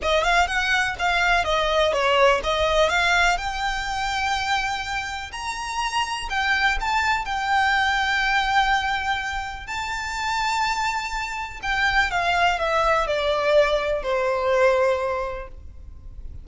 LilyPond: \new Staff \with { instrumentName = "violin" } { \time 4/4 \tempo 4 = 124 dis''8 f''8 fis''4 f''4 dis''4 | cis''4 dis''4 f''4 g''4~ | g''2. ais''4~ | ais''4 g''4 a''4 g''4~ |
g''1 | a''1 | g''4 f''4 e''4 d''4~ | d''4 c''2. | }